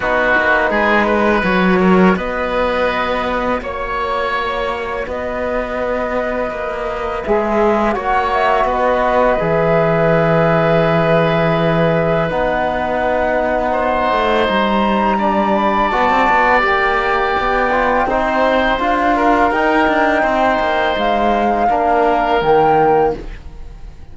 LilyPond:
<<
  \new Staff \with { instrumentName = "flute" } { \time 4/4 \tempo 4 = 83 b'2 cis''4 dis''4~ | dis''4 cis''2 dis''4~ | dis''2 e''4 fis''8 e''8 | dis''4 e''2.~ |
e''4 fis''2. | ais''4. b''8 a''4 g''4~ | g''2 f''4 g''4~ | g''4 f''2 g''4 | }
  \new Staff \with { instrumentName = "oboe" } { \time 4/4 fis'4 gis'8 b'4 ais'8 b'4~ | b'4 cis''2 b'4~ | b'2. cis''4 | b'1~ |
b'2. c''4~ | c''4 d''2.~ | d''4 c''4. ais'4. | c''2 ais'2 | }
  \new Staff \with { instrumentName = "trombone" } { \time 4/4 dis'2 fis'2~ | fis'1~ | fis'2 gis'4 fis'4~ | fis'4 gis'2.~ |
gis'4 dis'2.~ | dis'4 d'4 fis'4 g'4~ | g'8 f'8 dis'4 f'4 dis'4~ | dis'2 d'4 ais4 | }
  \new Staff \with { instrumentName = "cello" } { \time 4/4 b8 ais8 gis4 fis4 b4~ | b4 ais2 b4~ | b4 ais4 gis4 ais4 | b4 e2.~ |
e4 b2~ b8 a8 | g2 b16 c'16 b8 ais4 | b4 c'4 d'4 dis'8 d'8 | c'8 ais8 gis4 ais4 dis4 | }
>>